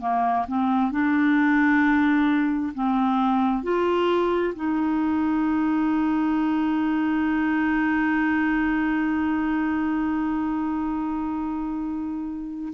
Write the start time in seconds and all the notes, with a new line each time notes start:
0.00 A#3
0.48 C4
0.91 D4
2.74 C4
3.63 F4
4.55 D#4